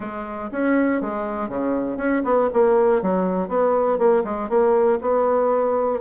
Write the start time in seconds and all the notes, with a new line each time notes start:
0.00 G#3
0.51 C#4
1.01 G#3
1.48 C#3
1.97 C#4
2.24 B3
2.53 A#3
3.01 F#3
3.48 B3
3.98 A#3
4.24 G#3
4.49 A#3
5.01 B3